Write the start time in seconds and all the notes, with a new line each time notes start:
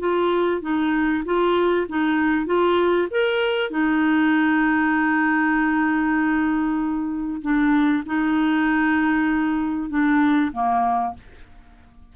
0.00 F4
0.62 D#4
1.25 F4
1.89 D#4
2.46 F4
3.11 A#4
3.70 D#4
7.42 D4
8.06 D#4
9.90 D4
10.52 A#3